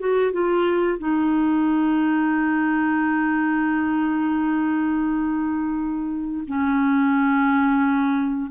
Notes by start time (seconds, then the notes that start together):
0.00 F#4
0.33 F4
0.99 D#4
6.48 C#4